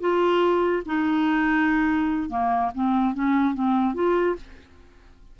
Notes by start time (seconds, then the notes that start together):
0.00 F4
0.86 D#4
2.29 A#3
2.75 C4
3.14 C#4
3.54 C4
3.94 F4